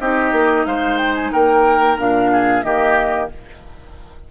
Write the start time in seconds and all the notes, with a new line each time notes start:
0.00 C4 D#4 G4 D#5
0.32 A#3
0.65 G#3 C5 F5
0.97 G5
1.15 G#5
1.32 A#3 A#4 G5
1.98 A#2 D4 F5
2.32 G#4
2.63 D#3 A#3 G4 D#5